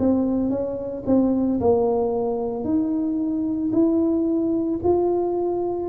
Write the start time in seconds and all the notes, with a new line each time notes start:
0.00 C4
0.50 C#4
1.07 C4
1.61 A#3
2.65 D#4
3.73 E4
4.84 F4